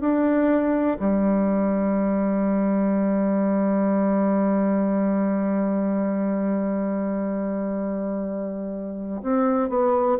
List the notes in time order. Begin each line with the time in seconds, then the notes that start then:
0.00 D4
0.99 G3
9.22 C4
9.69 B3